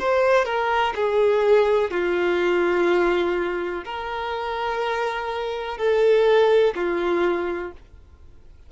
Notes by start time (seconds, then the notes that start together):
0.00 C5
0.45 A#4
0.96 G#4
1.91 F4
3.85 A#4
5.78 A4
6.76 F4